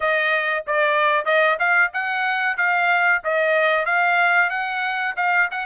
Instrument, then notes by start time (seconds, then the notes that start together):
trumpet
0.00 D#5
0.67 D5
1.25 D#5
1.59 F5
1.93 F#5
2.57 F5
3.23 D#5
3.85 F5
4.50 F#5
5.16 F5
5.51 F#5